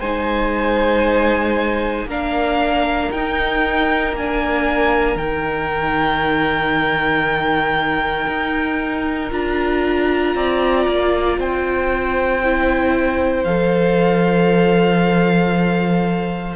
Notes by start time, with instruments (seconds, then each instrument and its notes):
0.00 cello G#3, viola D#4, violin C5 G#5
2.06 cello A#3, viola D4, violin A#4 F5
3.11 cello D#4, viola D#4, violin G5
4.13 cello A#3, viola D4, violin G#5
5.16 cello D#3, viola D#4, violin G5
8.28 cello D#4
9.31 cello D4, viola F4, violin A#5
10.35 cello C4, violin D5
10.88 cello A#3
11.38 cello C4, violin C5 G5
12.44 viola E4
13.44 cello F3, viola A4, violin F5